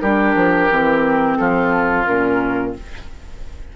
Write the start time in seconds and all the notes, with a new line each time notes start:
0.00 G3 D4 G4 A#4
0.35 F3
0.70 E3 C4
1.37 F3 F4 A4
2.05 A#2 C#4 A#4